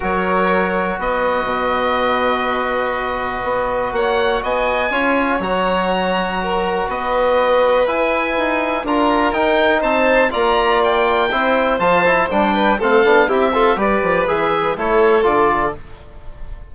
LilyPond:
<<
  \new Staff \with { instrumentName = "oboe" } { \time 4/4 \tempo 4 = 122 cis''2 dis''2~ | dis''1 | fis''4 gis''2 ais''4~ | ais''2 dis''2 |
gis''2 ais''4 g''4 | a''4 ais''4 g''2 | a''4 g''4 f''4 e''4 | d''4 e''4 cis''4 d''4 | }
  \new Staff \with { instrumentName = "violin" } { \time 4/4 ais'2 b'2~ | b'1 | cis''4 dis''4 cis''2~ | cis''4 ais'4 b'2~ |
b'2 ais'2 | c''4 d''2 c''4~ | c''4. b'8 a'4 g'8 a'8 | b'2 a'2 | }
  \new Staff \with { instrumentName = "trombone" } { \time 4/4 fis'1~ | fis'1~ | fis'2 f'4 fis'4~ | fis'1 |
e'2 f'4 dis'4~ | dis'4 f'2 e'4 | f'8 e'8 d'4 c'8 d'8 e'8 f'8 | g'4 gis'4 e'4 f'4 | }
  \new Staff \with { instrumentName = "bassoon" } { \time 4/4 fis2 b4 b,4~ | b,2. b4 | ais4 b4 cis'4 fis4~ | fis2 b2 |
e'4 dis'4 d'4 dis'4 | c'4 ais2 c'4 | f4 g4 a8 b8 c'4 | g8 f8 e4 a4 d4 | }
>>